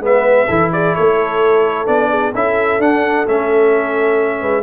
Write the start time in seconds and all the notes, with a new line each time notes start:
0.00 G#3 B3 B4 E5
0.48 E3 E4 A4
0.72 G#4 D5
0.95 A3 A4 C#5
1.87 B3 D4 D5
2.11 G#4
2.34 C#4 E4 A4 E5
2.79 D4 F#5
3.27 A3 C#4 E5
4.41 G#3 B4